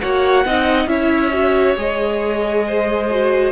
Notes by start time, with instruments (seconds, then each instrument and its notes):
0.00 cello A#3, viola F#4, violin C#5 F#5
0.45 cello C4, viola D#4, violin D#5
0.86 cello C#4, viola E4, violin C#5 E5
1.32 viola F#4
1.76 cello G#3, viola G#4, violin D#5
2.66 violin C5
3.10 viola F#4